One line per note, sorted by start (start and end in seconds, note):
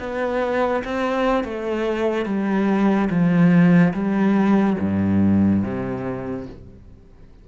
0.00 0.83 B3
0.85 1.45 C4
1.45 2.26 A3
2.26 3.09 G3
3.10 3.94 F3
3.94 4.77 G3
4.80 5.64 G2
5.64 6.47 C3